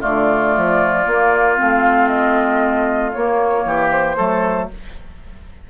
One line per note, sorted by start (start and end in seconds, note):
0.00 0.57 D3
0.00 1.03 A3
0.00 3.63 F4
0.00 1.57 D5
0.57 1.07 F3
1.06 1.57 A#3
1.06 1.59 A#3
1.57 3.16 A3
1.57 3.12 C4
1.57 2.09 F5
2.09 3.12 D#5
3.12 4.17 A#3
3.12 3.65 A#3
3.12 3.90 C#5
3.65 4.17 E3
3.65 4.17 G4
3.91 4.69 C5
4.17 4.70 F#3
4.17 4.69 A3
4.17 4.68 A4